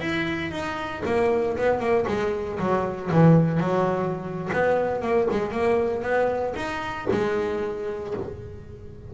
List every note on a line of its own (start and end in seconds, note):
0.00 0.51 E4
0.51 1.02 D#4
1.05 1.56 A#3
1.57 1.79 B3
1.79 2.05 A#3
2.07 2.59 G#3
2.59 3.10 F#3
3.11 3.60 E3
3.60 4.49 F#3
4.53 5.01 B3
5.01 5.27 A#3
5.30 5.51 G#3
5.51 6.02 A#3
6.02 6.54 B3
6.55 7.07 D#4
7.11 8.14 G#3